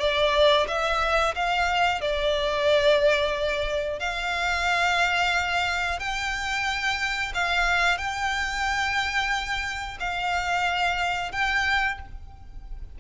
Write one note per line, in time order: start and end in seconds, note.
0.00 0.67 D5
0.68 1.35 E5
1.35 2.01 F5
2.01 3.99 D5
3.99 5.99 F5
5.99 7.33 G5
7.34 7.98 F5
7.98 9.98 G5
10.00 11.32 F5
11.32 11.99 G5